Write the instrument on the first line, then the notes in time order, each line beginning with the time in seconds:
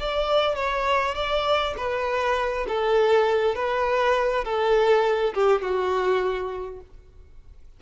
violin
0.00 D5
0.56 C#5
1.15 D5
1.78 B4
2.68 A4
3.56 B4
4.45 A4
5.35 G4
5.62 F#4